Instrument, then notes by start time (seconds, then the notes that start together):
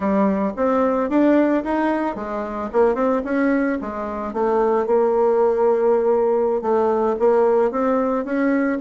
bassoon
0.00 G3
0.56 C4
1.09 D4
1.64 D#4
2.15 G#3
2.72 A#3
2.95 C4
3.24 C#4
3.81 G#3
4.33 A3
4.86 A#3
6.61 A3
7.19 A#3
7.71 C4
8.24 C#4